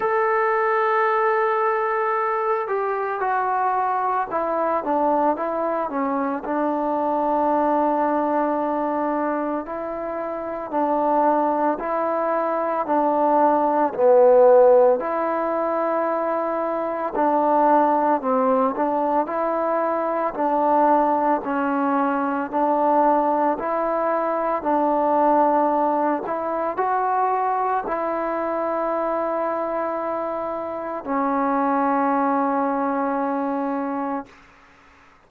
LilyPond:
\new Staff \with { instrumentName = "trombone" } { \time 4/4 \tempo 4 = 56 a'2~ a'8 g'8 fis'4 | e'8 d'8 e'8 cis'8 d'2~ | d'4 e'4 d'4 e'4 | d'4 b4 e'2 |
d'4 c'8 d'8 e'4 d'4 | cis'4 d'4 e'4 d'4~ | d'8 e'8 fis'4 e'2~ | e'4 cis'2. | }